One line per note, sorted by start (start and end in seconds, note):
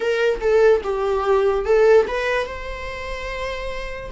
0.00 0.39 A#4
0.40 0.81 A4
0.83 1.65 G4
1.65 2.06 A4
2.07 2.46 B4
2.46 4.10 C5